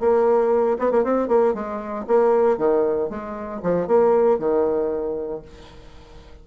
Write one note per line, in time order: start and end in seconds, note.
0.00 0.78 A#3
0.79 0.91 B3
0.91 1.04 A#3
1.04 1.28 C4
1.28 1.54 A#3
1.54 2.06 G#3
2.08 2.58 A#3
2.58 3.10 D#3
3.10 3.61 G#3
3.63 3.87 F3
3.87 4.39 A#3
4.39 5.42 D#3